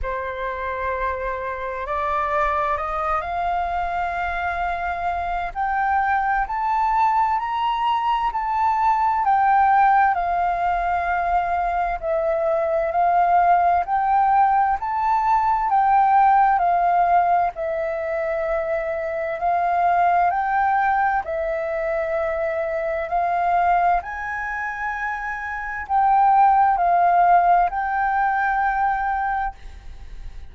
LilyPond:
\new Staff \with { instrumentName = "flute" } { \time 4/4 \tempo 4 = 65 c''2 d''4 dis''8 f''8~ | f''2 g''4 a''4 | ais''4 a''4 g''4 f''4~ | f''4 e''4 f''4 g''4 |
a''4 g''4 f''4 e''4~ | e''4 f''4 g''4 e''4~ | e''4 f''4 gis''2 | g''4 f''4 g''2 | }